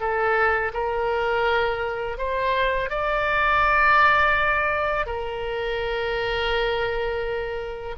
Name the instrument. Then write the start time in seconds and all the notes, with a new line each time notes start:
oboe
0.00 A4
0.73 A#4
2.18 C5
2.90 D5
5.06 A#4